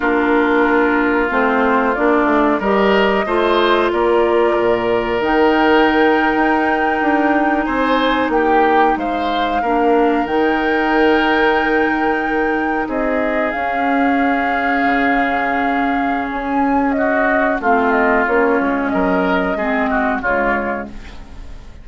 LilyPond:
<<
  \new Staff \with { instrumentName = "flute" } { \time 4/4 \tempo 4 = 92 ais'2 c''4 d''4 | dis''2 d''2 | g''2.~ g''8. gis''16~ | gis''8. g''4 f''2 g''16~ |
g''2.~ g''8. dis''16~ | dis''8. f''2.~ f''16~ | f''4 gis''4 dis''4 f''8 dis''8 | cis''4 dis''2 cis''4 | }
  \new Staff \with { instrumentName = "oboe" } { \time 4/4 f'1 | ais'4 c''4 ais'2~ | ais'2.~ ais'8. c''16~ | c''8. g'4 c''4 ais'4~ ais'16~ |
ais'2.~ ais'8. gis'16~ | gis'1~ | gis'2 fis'4 f'4~ | f'4 ais'4 gis'8 fis'8 f'4 | }
  \new Staff \with { instrumentName = "clarinet" } { \time 4/4 d'2 c'4 d'4 | g'4 f'2. | dis'1~ | dis'2~ dis'8. d'4 dis'16~ |
dis'1~ | dis'8. cis'2.~ cis'16~ | cis'2. c'4 | cis'2 c'4 gis4 | }
  \new Staff \with { instrumentName = "bassoon" } { \time 4/4 ais2 a4 ais8 a8 | g4 a4 ais4 ais,4 | dis4.~ dis16 dis'4 d'4 c'16~ | c'8. ais4 gis4 ais4 dis16~ |
dis2.~ dis8. c'16~ | c'8. cis'2 cis4~ cis16~ | cis4 cis'2 a4 | ais8 gis8 fis4 gis4 cis4 | }
>>